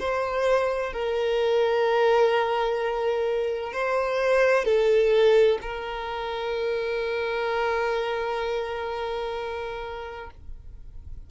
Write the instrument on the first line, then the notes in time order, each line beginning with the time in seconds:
violin
0.00 C5
0.93 A#4
3.73 C5
4.65 A4
5.62 A#4